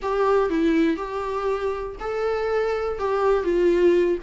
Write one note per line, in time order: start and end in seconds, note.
0.01 0.49 G4
0.49 0.97 E4
0.97 1.96 G4
2.00 2.98 A4
2.98 3.43 G4
3.43 4.17 F4